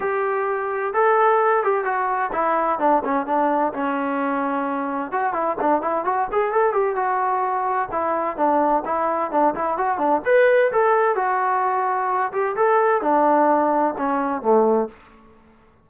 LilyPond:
\new Staff \with { instrumentName = "trombone" } { \time 4/4 \tempo 4 = 129 g'2 a'4. g'8 | fis'4 e'4 d'8 cis'8 d'4 | cis'2. fis'8 e'8 | d'8 e'8 fis'8 gis'8 a'8 g'8 fis'4~ |
fis'4 e'4 d'4 e'4 | d'8 e'8 fis'8 d'8 b'4 a'4 | fis'2~ fis'8 g'8 a'4 | d'2 cis'4 a4 | }